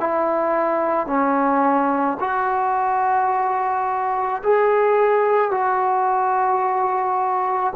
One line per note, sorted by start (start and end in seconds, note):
0.00 1.07 E4
1.07 2.18 C#4
2.20 4.42 F#4
4.44 5.52 G#4
5.52 7.74 F#4